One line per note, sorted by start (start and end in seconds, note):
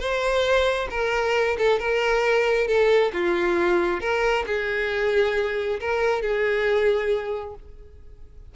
0.00 0.89 C5
0.91 1.57 A#4
1.59 1.80 A4
1.80 2.68 A#4
2.68 3.12 A4
3.14 4.01 F4
4.01 4.45 A#4
4.47 5.80 G#4
5.81 6.22 A#4
6.22 7.56 G#4